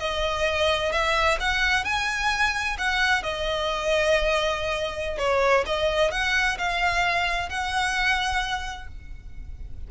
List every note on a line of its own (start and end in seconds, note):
0.00 0.92 D#5
0.92 1.38 E5
1.41 1.85 F#5
1.85 2.77 G#5
2.78 3.23 F#5
3.23 5.19 D#5
5.19 5.65 C#5
5.66 6.12 D#5
6.12 6.58 F#5
6.58 7.49 F5
7.49 8.88 F#5